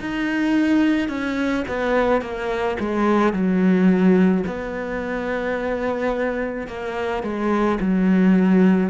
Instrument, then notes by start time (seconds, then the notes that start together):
cello
0.00 D#4
1.09 C#4
1.68 B3
2.21 A#3
2.80 G#3
3.33 F#3
4.46 B3
6.68 A#3
7.23 G#3
7.80 F#3